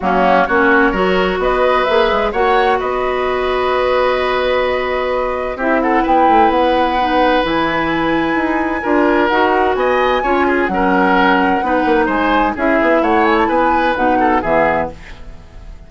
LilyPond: <<
  \new Staff \with { instrumentName = "flute" } { \time 4/4 \tempo 4 = 129 fis'4 cis''2 dis''4 | e''4 fis''4 dis''2~ | dis''1 | e''8 fis''8 g''4 fis''2 |
gis''1 | fis''4 gis''2 fis''4~ | fis''2 gis''4 e''4 | fis''8 gis''16 a''16 gis''4 fis''4 e''4 | }
  \new Staff \with { instrumentName = "oboe" } { \time 4/4 cis'4 fis'4 ais'4 b'4~ | b'4 cis''4 b'2~ | b'1 | g'8 a'8 b'2.~ |
b'2. ais'4~ | ais'4 dis''4 cis''8 gis'8 ais'4~ | ais'4 b'4 c''4 gis'4 | cis''4 b'4. a'8 gis'4 | }
  \new Staff \with { instrumentName = "clarinet" } { \time 4/4 ais4 cis'4 fis'2 | gis'4 fis'2.~ | fis'1 | e'2. dis'4 |
e'2. f'4 | fis'2 f'4 cis'4~ | cis'4 dis'2 e'4~ | e'2 dis'4 b4 | }
  \new Staff \with { instrumentName = "bassoon" } { \time 4/4 fis4 ais4 fis4 b4 | ais8 gis8 ais4 b2~ | b1 | c'4 b8 a8 b2 |
e2 dis'4 d'4 | dis'4 b4 cis'4 fis4~ | fis4 b8 ais8 gis4 cis'8 b8 | a4 b4 b,4 e4 | }
>>